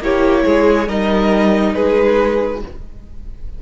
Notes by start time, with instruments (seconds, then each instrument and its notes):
0.00 cello A#3, viola E4, violin G4 C#5
0.46 cello G#3, violin G#4
0.88 cello G3, viola D#4, violin A#4 D#5
1.74 cello G#3, violin G#4 B4